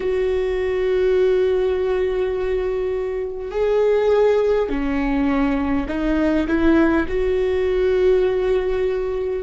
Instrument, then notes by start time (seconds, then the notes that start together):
viola
0.00 F#4
3.51 G#4
4.69 C#4
5.88 D#4
6.47 E4
7.07 F#4